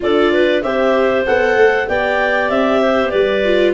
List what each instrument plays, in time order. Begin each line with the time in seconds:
0.00 tuba D4, viola F4, clarinet A4 D5
0.33 clarinet B4
0.62 tuba C4, viola G4, clarinet C5 E5
1.26 tuba B3, viola A4, clarinet F#5
1.56 tuba A3
1.88 tuba B3, viola G4, clarinet D5 G5
2.49 tuba C4, clarinet E5
2.80 clarinet C5
3.09 tuba G3, clarinet B4 D5
3.44 viola F4